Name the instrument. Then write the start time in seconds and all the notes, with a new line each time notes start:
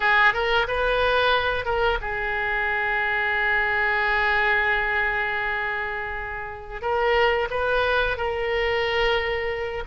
oboe
0.00 G#4
0.33 A#4
0.67 B4
1.65 A#4
2.01 G#4
6.81 A#4
7.50 B4
8.17 A#4